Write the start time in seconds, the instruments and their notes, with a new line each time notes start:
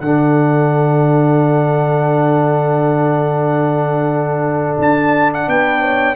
0.00 tuba D3, trombone D4, trumpet F#5
0.07 horn A4
4.79 tuba D4, trumpet A5
5.34 trumpet F#5
5.48 tuba B3, horn B4, trumpet G5
5.82 horn C#5